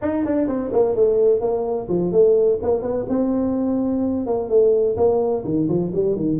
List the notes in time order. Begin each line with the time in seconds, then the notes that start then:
0.01 D#4
0.25 D4
0.47 C4
0.72 A#3
0.95 A3
1.40 A#3
1.89 F3
2.12 A3
2.62 A#3
2.82 B3
3.08 C4
4.26 A#3
4.49 A3
4.96 A#3
5.44 D#3
5.68 F3
5.94 G3
6.15 D#3